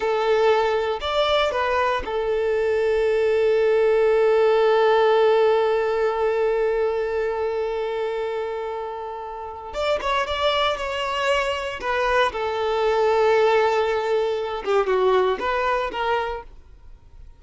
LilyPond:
\new Staff \with { instrumentName = "violin" } { \time 4/4 \tempo 4 = 117 a'2 d''4 b'4 | a'1~ | a'1~ | a'1~ |
a'2. d''8 cis''8 | d''4 cis''2 b'4 | a'1~ | a'8 g'8 fis'4 b'4 ais'4 | }